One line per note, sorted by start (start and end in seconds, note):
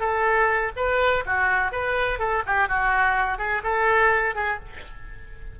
0.00 0.72 A4
0.76 1.24 B4
1.26 1.72 F#4
1.72 2.19 B4
2.19 2.43 A4
2.46 2.68 G4
2.68 3.38 F#4
3.38 3.62 G#4
3.63 4.35 A4
4.35 4.59 G#4